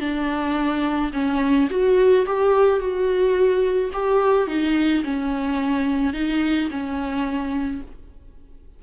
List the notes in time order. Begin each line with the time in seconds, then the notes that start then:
0.00 D4
1.13 C#4
1.70 F#4
2.26 G4
2.79 F#4
3.93 G4
4.47 D#4
5.03 C#4
6.13 D#4
6.70 C#4